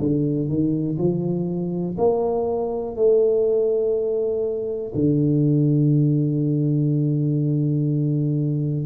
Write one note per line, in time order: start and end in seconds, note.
0.00 0.49 D3
0.49 0.98 D#3
0.98 1.97 F3
1.98 2.96 A#3
2.96 4.93 A3
4.95 8.87 D3